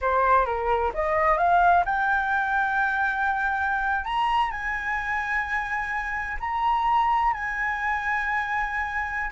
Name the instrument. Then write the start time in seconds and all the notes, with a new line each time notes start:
flute
0.01 C5
0.45 A#4
0.94 D#5
1.37 F5
1.85 G5
4.04 A#5
4.51 G#5
6.40 A#5
7.33 G#5